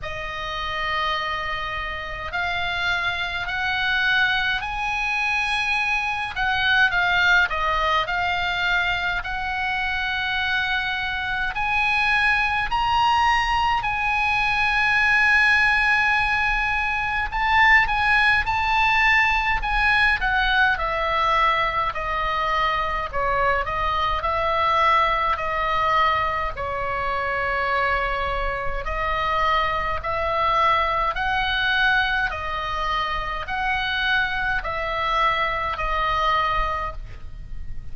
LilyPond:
\new Staff \with { instrumentName = "oboe" } { \time 4/4 \tempo 4 = 52 dis''2 f''4 fis''4 | gis''4. fis''8 f''8 dis''8 f''4 | fis''2 gis''4 ais''4 | gis''2. a''8 gis''8 |
a''4 gis''8 fis''8 e''4 dis''4 | cis''8 dis''8 e''4 dis''4 cis''4~ | cis''4 dis''4 e''4 fis''4 | dis''4 fis''4 e''4 dis''4 | }